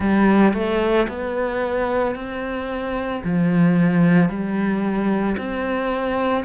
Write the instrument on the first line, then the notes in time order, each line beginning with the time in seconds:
cello
0.00 G3
0.54 A3
1.08 B3
2.15 C4
3.23 F3
4.29 G3
5.37 C4